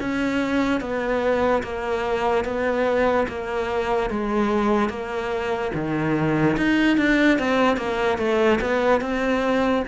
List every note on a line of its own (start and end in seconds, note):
0.00 0.80 C#4
0.80 1.63 B3
1.63 2.44 A#3
2.44 3.27 B3
3.28 4.10 A#3
4.10 4.89 G#3
4.89 5.71 A#3
5.74 6.56 D#3
6.57 6.98 D#4
6.98 7.39 D4
7.39 7.77 C4
7.77 8.18 A#3
8.18 8.59 A3
8.61 9.01 B3
9.01 9.83 C4